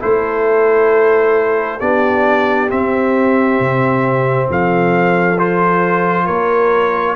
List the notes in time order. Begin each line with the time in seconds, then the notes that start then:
0.00 A3 E4 A4 C5
1.79 B3 D4 G4 D5
2.68 C4 E5
3.60 C3
4.50 F3 A4 F5
5.38 F4 C5
6.25 A#3 A#4 C#5